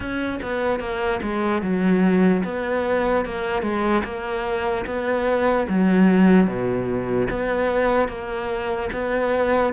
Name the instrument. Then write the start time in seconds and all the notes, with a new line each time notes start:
cello
0.00 C#4
0.42 B3
0.79 A#3
1.22 G#3
1.62 F#3
2.44 B3
3.25 A#3
3.62 G#3
4.04 A#3
4.85 B3
5.68 F#3
6.46 B2
7.30 B3
8.08 A#3
8.92 B3